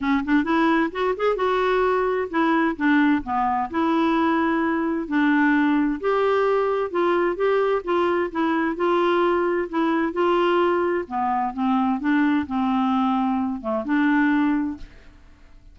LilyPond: \new Staff \with { instrumentName = "clarinet" } { \time 4/4 \tempo 4 = 130 cis'8 d'8 e'4 fis'8 gis'8 fis'4~ | fis'4 e'4 d'4 b4 | e'2. d'4~ | d'4 g'2 f'4 |
g'4 f'4 e'4 f'4~ | f'4 e'4 f'2 | b4 c'4 d'4 c'4~ | c'4. a8 d'2 | }